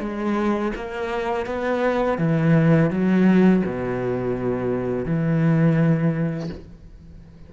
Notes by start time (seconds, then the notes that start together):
0.00 G#3
0.76 A#3
1.46 B3
2.18 E3
2.90 F#3
3.66 B2
5.05 E3